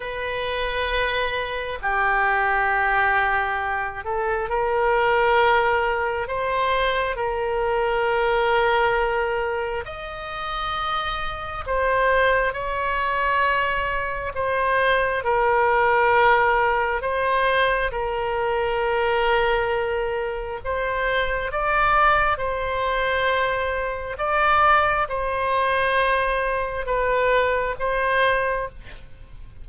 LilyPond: \new Staff \with { instrumentName = "oboe" } { \time 4/4 \tempo 4 = 67 b'2 g'2~ | g'8 a'8 ais'2 c''4 | ais'2. dis''4~ | dis''4 c''4 cis''2 |
c''4 ais'2 c''4 | ais'2. c''4 | d''4 c''2 d''4 | c''2 b'4 c''4 | }